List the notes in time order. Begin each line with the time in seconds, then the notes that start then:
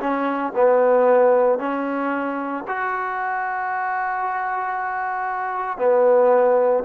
0.00 C#4
0.56 B3
1.59 C#4
2.67 F#4
5.78 B3